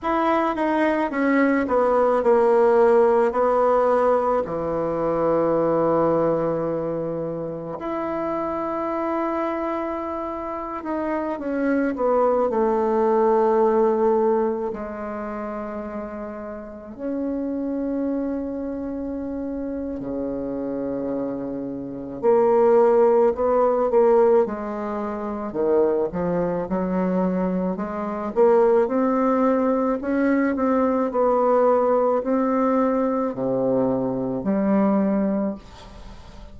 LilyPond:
\new Staff \with { instrumentName = "bassoon" } { \time 4/4 \tempo 4 = 54 e'8 dis'8 cis'8 b8 ais4 b4 | e2. e'4~ | e'4.~ e'16 dis'8 cis'8 b8 a8.~ | a4~ a16 gis2 cis'8.~ |
cis'2 cis2 | ais4 b8 ais8 gis4 dis8 f8 | fis4 gis8 ais8 c'4 cis'8 c'8 | b4 c'4 c4 g4 | }